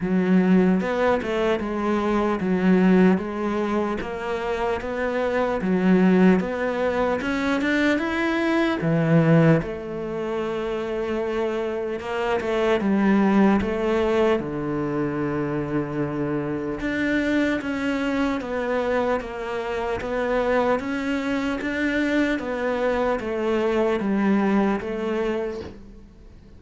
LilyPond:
\new Staff \with { instrumentName = "cello" } { \time 4/4 \tempo 4 = 75 fis4 b8 a8 gis4 fis4 | gis4 ais4 b4 fis4 | b4 cis'8 d'8 e'4 e4 | a2. ais8 a8 |
g4 a4 d2~ | d4 d'4 cis'4 b4 | ais4 b4 cis'4 d'4 | b4 a4 g4 a4 | }